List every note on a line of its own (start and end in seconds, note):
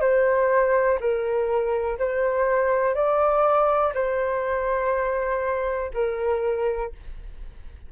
0.00 0.98 C5
1.00 1.98 A#4
1.98 2.94 C5
2.94 3.93 D5
3.94 5.91 C5
5.93 6.92 A#4